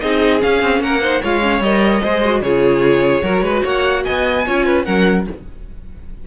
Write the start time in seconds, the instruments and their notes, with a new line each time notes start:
0.00 cello C4, viola D#4, violin G#4 D#5
0.40 viola C#4, cello C#4, violin F5
0.62 cello C4
0.80 cello A#3, violin A#4 F#5
1.01 viola D#4, violin C5
1.22 cello G#3, viola F4, violin C#5 F5
1.42 viola C#4
1.60 cello G3, viola A#4, violin D#5
2.01 cello G#3, viola G#4, violin C5
2.24 viola F#4
2.41 cello C#3, viola F4, violin G#4 C#5
3.22 cello F#3, viola F#4, violin A#4
3.41 cello G#3, violin B4
3.63 cello A#3, violin C#5 F#5
4.04 cello B3, violin D#5 G#5
4.45 cello C#4, viola F4, violin C#5
4.65 violin B4
4.84 cello F#3, viola C#4, violin A#4 F#5